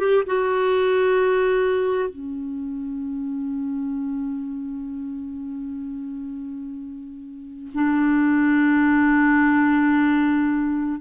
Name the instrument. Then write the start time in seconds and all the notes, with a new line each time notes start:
clarinet
0.00 G4
0.27 F#4
2.10 C#4
7.74 D4